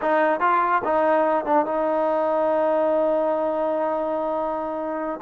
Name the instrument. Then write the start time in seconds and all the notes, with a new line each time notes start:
trombone
0.01 D#4
0.40 F4
0.84 D#4
1.45 D4
1.65 D#4